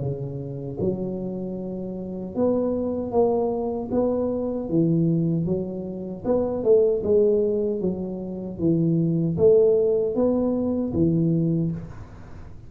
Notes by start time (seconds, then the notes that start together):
0.00 C#3
0.80 F#3
2.35 B3
3.12 A#3
3.92 B3
4.69 E3
5.46 F#3
6.25 B3
6.64 A3
7.03 G#3
7.81 F#3
8.59 E3
9.38 A3
10.15 B3
10.94 E3